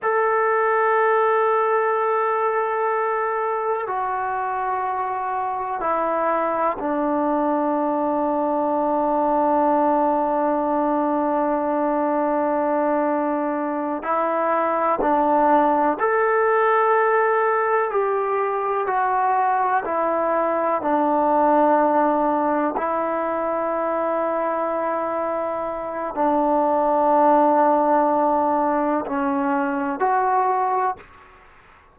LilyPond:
\new Staff \with { instrumentName = "trombone" } { \time 4/4 \tempo 4 = 62 a'1 | fis'2 e'4 d'4~ | d'1~ | d'2~ d'8 e'4 d'8~ |
d'8 a'2 g'4 fis'8~ | fis'8 e'4 d'2 e'8~ | e'2. d'4~ | d'2 cis'4 fis'4 | }